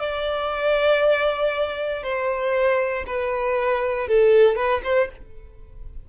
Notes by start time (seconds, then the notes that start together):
0.00 D5
2.03 C5
3.07 B4
4.08 A4
4.56 B4
4.84 C5